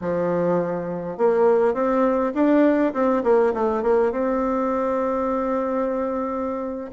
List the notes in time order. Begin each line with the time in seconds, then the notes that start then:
0.01 F3
1.17 A#3
1.74 C4
2.34 D4
2.93 C4
3.23 A#3
3.53 A3
3.83 A#3
4.11 C4